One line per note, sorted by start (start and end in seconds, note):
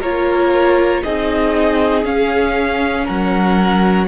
0.00 1.03 A#3
0.00 1.04 F4
0.00 1.02 A#4
0.00 1.03 C#5
1.03 2.03 C4
1.03 2.04 D#4
1.03 3.05 G#4
1.03 2.04 D#5
2.03 3.05 C#4
2.03 4.07 C#4
2.03 3.06 F5
3.05 4.08 F#3
3.05 4.07 A#4
3.05 4.08 F#5